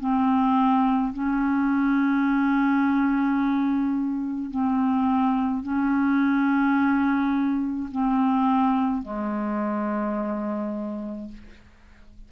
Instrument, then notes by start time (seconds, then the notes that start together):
clarinet
0.00 C4
1.14 C#4
4.51 C4
5.63 C#4
7.92 C4
9.03 G#3